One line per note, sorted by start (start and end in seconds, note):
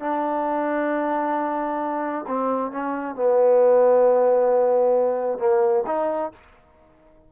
0.00 2.26 D4
2.28 2.71 C4
2.71 3.16 C#4
3.16 5.39 B3
5.39 5.84 A#3
5.87 6.32 D#4